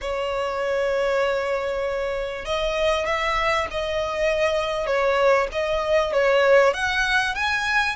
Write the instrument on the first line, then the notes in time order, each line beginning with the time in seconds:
violin
0.01 C#5
2.45 D#5
3.06 E5
3.70 D#5
4.86 C#5
5.52 D#5
6.12 C#5
6.73 F#5
7.34 G#5